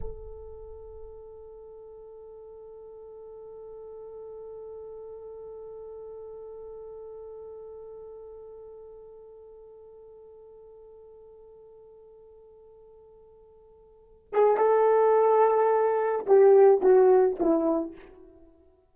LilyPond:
\new Staff \with { instrumentName = "horn" } { \time 4/4 \tempo 4 = 107 a'1~ | a'1~ | a'1~ | a'1~ |
a'1~ | a'1~ | a'4. gis'8 a'2~ | a'4 g'4 fis'4 e'4 | }